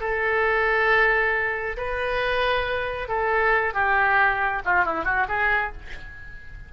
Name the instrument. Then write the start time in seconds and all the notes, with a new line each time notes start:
oboe
0.00 A4
1.77 B4
3.08 A4
3.74 G4
4.65 F4
4.85 E4
5.05 F#4
5.28 G#4